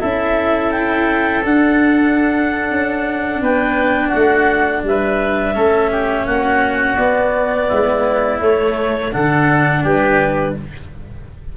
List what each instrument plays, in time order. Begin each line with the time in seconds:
0.00 tuba C#4, cello E4, oboe A4, clarinet E5
0.72 clarinet G5
1.44 cello D4, tuba D4, clarinet F#5
2.70 tuba C#4
3.41 tuba B3, oboe B4, clarinet G5
4.09 tuba A3, oboe F#4, clarinet F#5
4.84 tuba G3, oboe B4, clarinet E5
5.55 tuba A3, cello C#4, oboe A4
5.92 oboe G4
6.26 tuba A#3, oboe F#4, clarinet F#5
6.97 tuba B3, cello B3, clarinet D5
7.68 tuba G#3, oboe E4
8.40 tuba A3, cello A3, clarinet C#5
9.12 tuba D3, cello D4, oboe A4, clarinet F#5
9.84 tuba G3, oboe G4, clarinet B4